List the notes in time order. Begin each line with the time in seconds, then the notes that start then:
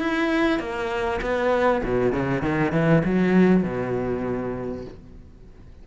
0.00 E4
0.60 A#3
1.22 B3
1.84 B2
2.12 C#3
2.42 D#3
2.72 E3
3.05 F#3
3.64 B2